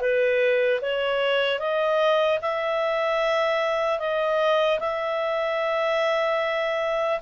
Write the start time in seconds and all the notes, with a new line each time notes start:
0.00 B4
0.81 C#5
1.59 D#5
2.41 E5
3.99 D#5
4.79 E5